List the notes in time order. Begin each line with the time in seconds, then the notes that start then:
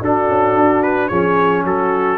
0.00 D4 F#4 A4
0.29 C#4
0.55 D4
0.82 B4
1.08 F3 C#4 G#4 C#5
1.63 F#3 F#4 A4